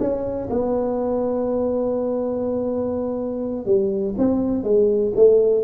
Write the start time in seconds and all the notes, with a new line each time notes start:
0.00 C#4
0.50 B3
3.66 G3
4.18 C4
4.64 G#3
5.16 A3